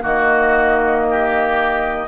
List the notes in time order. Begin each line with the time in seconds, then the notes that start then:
0.00 D#3 A#3 F#4 D#5
1.11 G4